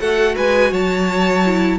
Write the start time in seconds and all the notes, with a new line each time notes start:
0.00 A3 F#4 A4 F#5
0.36 G#3 B4 G#5
0.71 F#3 C#5 A5
1.45 E4